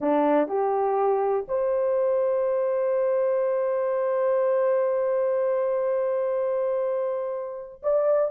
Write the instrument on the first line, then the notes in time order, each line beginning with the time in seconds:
horn
0.00 D4
0.47 G4
1.48 C5
7.82 D5